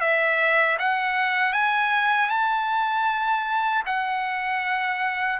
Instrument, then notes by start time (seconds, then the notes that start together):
trumpet
0.00 E5
0.79 F#5
1.53 G#5
2.29 A5
3.86 F#5